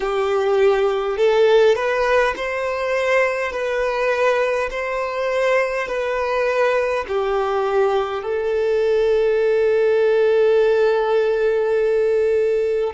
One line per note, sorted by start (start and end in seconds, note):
0.00 1.17 G4
1.17 1.75 A4
1.75 2.34 B4
2.36 3.51 C5
3.51 4.69 B4
4.70 5.87 C5
5.87 7.05 B4
7.07 8.22 G4
8.22 12.93 A4